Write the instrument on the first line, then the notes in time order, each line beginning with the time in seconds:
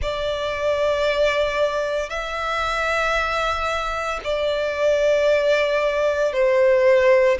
violin
0.02 D5
2.09 E5
4.23 D5
6.33 C5